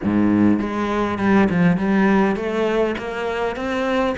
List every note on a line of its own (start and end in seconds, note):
0.03 0.59 G#2
0.59 1.18 G#3
1.18 1.48 G3
1.49 1.77 F3
1.77 2.35 G3
2.35 2.95 A3
2.98 3.56 A#3
3.56 4.15 C4